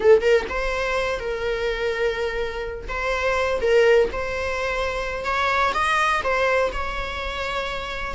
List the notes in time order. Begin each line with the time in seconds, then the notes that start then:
0.00 A4
0.21 A#4
0.49 C5
1.19 A#4
2.88 C5
3.61 A#4
4.12 C5
5.25 C#5
5.73 D#5
6.23 C5
6.72 C#5